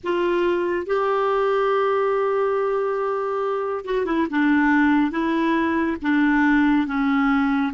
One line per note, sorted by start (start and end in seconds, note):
0.03 0.86 F4
0.86 3.85 G4
3.85 4.05 F#4
4.05 4.27 E4
4.30 5.11 D4
5.11 5.96 E4
6.02 6.86 D4
6.86 7.72 C#4